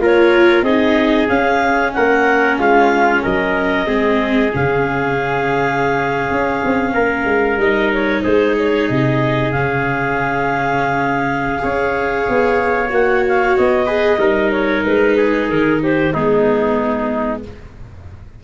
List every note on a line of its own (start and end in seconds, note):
0.00 0.62 A#3
0.00 0.65 F4
0.00 0.65 A#4
0.00 0.63 C#5
0.62 1.27 C4
0.62 1.28 D#4
0.62 1.94 G#4
0.62 1.28 D#5
1.28 3.86 C#4
1.28 1.94 C#4
1.28 1.93 F5
1.93 2.58 A#3
1.93 2.60 A#4
1.93 2.58 F#5
2.58 3.23 G#3
2.58 3.23 F4
2.58 3.23 F5
3.23 3.87 F#3
3.23 3.87 A#4
3.23 4.53 D#5
3.86 4.52 G#3
3.86 4.51 C4
3.86 6.93 G#4
4.53 6.31 C#3
4.53 7.60 C#4
4.53 7.60 F5
6.31 6.63 C#4
6.64 6.94 C4
6.93 7.25 A#3
6.93 8.22 A#4
7.25 7.57 G#3
7.57 8.21 G3
7.57 9.53 D#4
7.57 7.92 D#5
7.93 8.23 C#5
8.23 8.90 G#3
8.23 11.62 G#4
8.23 8.55 C5
8.59 8.89 C#5
8.89 9.54 C3
8.89 9.52 D#5
9.52 11.63 C#3
9.52 11.59 C#4
9.52 12.90 F5
11.59 12.28 C#4
11.59 12.88 G#4
11.59 13.86 C#5
12.29 12.92 B3
12.90 13.56 A#3
12.90 13.87 F#4
12.90 13.25 F#5
13.28 13.57 F5
13.57 14.19 B3
13.57 14.51 D#5
13.86 14.19 G#4
13.86 14.18 B4
14.19 14.83 G3
14.19 16.13 D#4
14.19 15.17 A#4
14.51 14.84 C#5
14.85 15.50 G#3
14.85 15.49 B4
15.17 15.81 G#4
15.49 16.14 D#3
15.49 15.81 A#4
15.83 16.13 G4
15.83 16.14 C5
16.13 17.43 G#3
16.13 17.44 B3
16.13 17.42 D#4
16.13 17.43 G#4